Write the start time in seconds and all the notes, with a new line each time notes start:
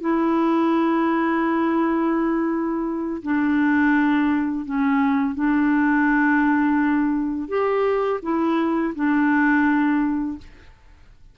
0.00 E4
3.22 D4
4.65 C#4
5.34 D4
7.48 G4
8.22 E4
8.95 D4